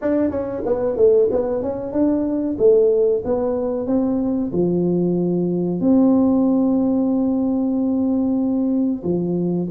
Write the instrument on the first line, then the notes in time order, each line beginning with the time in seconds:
tuba
0.01 D4
0.30 C#4
0.65 B3
0.96 A3
1.30 B3
1.62 C#4
1.92 D4
2.58 A3
3.24 B3
3.87 C4
4.52 F3
5.80 C4
9.03 F3